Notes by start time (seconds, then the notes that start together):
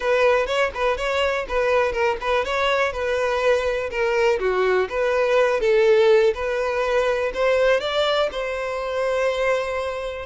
0.00 B4
0.46 C#5
0.74 B4
0.97 C#5
1.48 B4
1.92 A#4
2.20 B4
2.45 C#5
2.92 B4
3.90 A#4
4.39 F#4
4.89 B4
5.60 A4
6.34 B4
7.34 C5
7.80 D5
8.31 C5